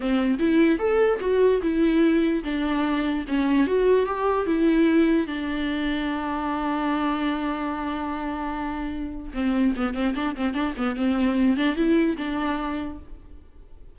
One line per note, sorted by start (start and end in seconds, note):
0.00 0.38 C4
0.39 0.78 E4
0.78 1.19 A4
1.20 1.61 F#4
1.62 2.43 E4
2.44 3.25 D4
3.27 3.66 C#4
3.66 4.06 F#4
4.06 4.46 G4
4.46 5.26 E4
5.26 9.32 D4
9.33 9.74 C4
9.76 9.94 B3
9.94 10.14 C4
10.15 10.35 D4
10.35 10.54 C4
10.54 10.74 D4
10.77 10.96 B3
10.96 11.57 C4
11.57 11.75 D4
11.75 12.16 E4
12.17 12.98 D4